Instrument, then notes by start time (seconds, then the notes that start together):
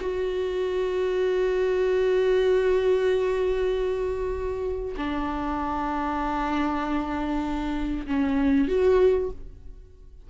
viola
0.00 F#4
4.97 D4
8.07 C#4
8.68 F#4